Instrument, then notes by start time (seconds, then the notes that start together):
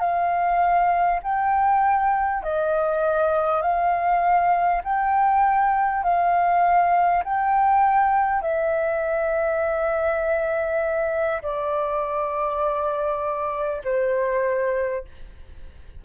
flute
0.00 F5
1.23 G5
2.43 D#5
3.62 F5
4.83 G5
6.03 F5
7.24 G5
8.42 E5
11.42 D5
13.84 C5